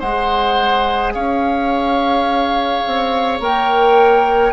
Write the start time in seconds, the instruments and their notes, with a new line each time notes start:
0.00 bassoon G#3, clarinet G#4, oboe C5, flute F#5
1.14 bassoon C#4, oboe C#5, flute F5
2.87 bassoon C4
3.40 bassoon A#3, clarinet A#4, flute G5